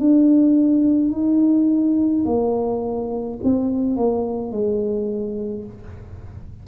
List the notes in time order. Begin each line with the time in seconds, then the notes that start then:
0.00 D4
1.12 D#4
2.26 A#3
3.44 C4
3.97 A#3
4.52 G#3